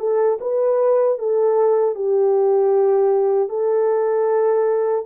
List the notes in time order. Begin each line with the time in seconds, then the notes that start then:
0.00 A4
0.41 B4
1.19 A4
1.96 G4
3.50 A4